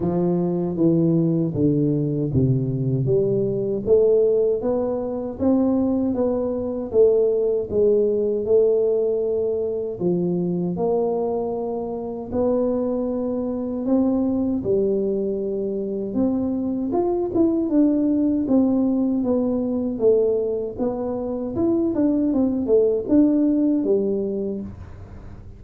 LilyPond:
\new Staff \with { instrumentName = "tuba" } { \time 4/4 \tempo 4 = 78 f4 e4 d4 c4 | g4 a4 b4 c'4 | b4 a4 gis4 a4~ | a4 f4 ais2 |
b2 c'4 g4~ | g4 c'4 f'8 e'8 d'4 | c'4 b4 a4 b4 | e'8 d'8 c'8 a8 d'4 g4 | }